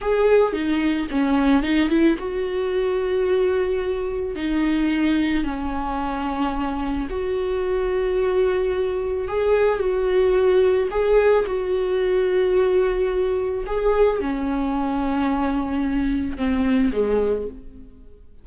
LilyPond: \new Staff \with { instrumentName = "viola" } { \time 4/4 \tempo 4 = 110 gis'4 dis'4 cis'4 dis'8 e'8 | fis'1 | dis'2 cis'2~ | cis'4 fis'2.~ |
fis'4 gis'4 fis'2 | gis'4 fis'2.~ | fis'4 gis'4 cis'2~ | cis'2 c'4 gis4 | }